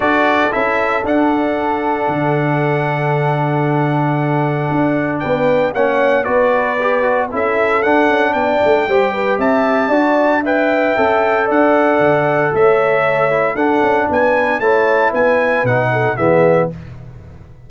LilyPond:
<<
  \new Staff \with { instrumentName = "trumpet" } { \time 4/4 \tempo 4 = 115 d''4 e''4 fis''2~ | fis''1~ | fis''2 g''4 fis''4 | d''2 e''4 fis''4 |
g''2 a''2 | g''2 fis''2 | e''2 fis''4 gis''4 | a''4 gis''4 fis''4 e''4 | }
  \new Staff \with { instrumentName = "horn" } { \time 4/4 a'1~ | a'1~ | a'2 b'4 cis''4 | b'2 a'2 |
d''4 c''8 b'8 e''4 d''4 | e''2 d''2 | cis''2 a'4 b'4 | cis''4 b'4. a'8 gis'4 | }
  \new Staff \with { instrumentName = "trombone" } { \time 4/4 fis'4 e'4 d'2~ | d'1~ | d'2. cis'4 | fis'4 g'8 fis'8 e'4 d'4~ |
d'4 g'2 fis'4 | b'4 a'2.~ | a'4. e'8 d'2 | e'2 dis'4 b4 | }
  \new Staff \with { instrumentName = "tuba" } { \time 4/4 d'4 cis'4 d'2 | d1~ | d4 d'4 b4 ais4 | b2 cis'4 d'8 cis'8 |
b8 a8 g4 c'4 d'4~ | d'4 cis'4 d'4 d4 | a2 d'8 cis'8 b4 | a4 b4 b,4 e4 | }
>>